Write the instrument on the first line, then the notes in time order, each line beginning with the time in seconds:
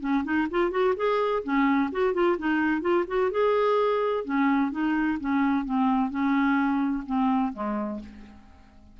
clarinet
0.00 C#4
0.24 D#4
0.50 F4
0.71 F#4
0.96 G#4
1.43 C#4
1.92 F#4
2.13 F4
2.38 D#4
2.81 F4
3.07 F#4
3.31 G#4
4.24 C#4
4.71 D#4
5.20 C#4
5.65 C4
6.10 C#4
7.06 C4
7.53 G#3